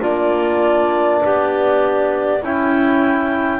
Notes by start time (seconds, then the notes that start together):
0.00 A#3 D4 F4 D5
1.24 B3 G4
2.42 C#4 E4 G5